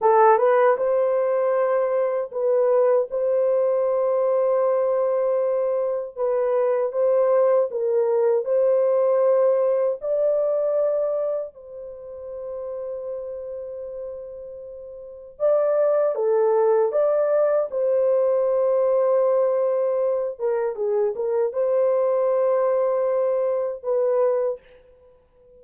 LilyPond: \new Staff \with { instrumentName = "horn" } { \time 4/4 \tempo 4 = 78 a'8 b'8 c''2 b'4 | c''1 | b'4 c''4 ais'4 c''4~ | c''4 d''2 c''4~ |
c''1 | d''4 a'4 d''4 c''4~ | c''2~ c''8 ais'8 gis'8 ais'8 | c''2. b'4 | }